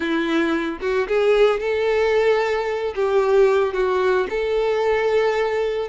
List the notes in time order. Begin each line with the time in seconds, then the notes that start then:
0.00 E4
0.80 F#4
1.08 G#4
1.59 A4
2.95 G4
3.73 F#4
4.29 A4